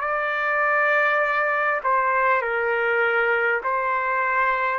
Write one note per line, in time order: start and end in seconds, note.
0.00 1.80 D5
1.83 2.41 C5
2.41 3.61 A#4
3.63 4.79 C5